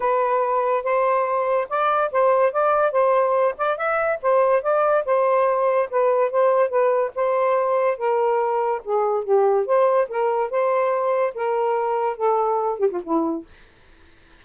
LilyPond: \new Staff \with { instrumentName = "saxophone" } { \time 4/4 \tempo 4 = 143 b'2 c''2 | d''4 c''4 d''4 c''4~ | c''8 d''8 e''4 c''4 d''4 | c''2 b'4 c''4 |
b'4 c''2 ais'4~ | ais'4 gis'4 g'4 c''4 | ais'4 c''2 ais'4~ | ais'4 a'4. g'16 f'16 e'4 | }